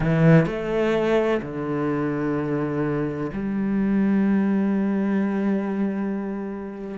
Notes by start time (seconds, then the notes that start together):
0.00 E3
0.46 A3
1.42 D3
3.32 G3